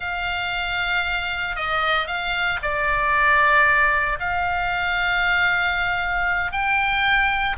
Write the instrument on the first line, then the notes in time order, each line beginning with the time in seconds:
oboe
0.00 F5
1.56 D#5
2.07 F5
2.62 D5
4.19 F5
6.52 G5